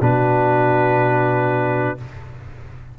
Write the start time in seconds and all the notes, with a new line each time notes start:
0.00 B2 D4 F#4 B4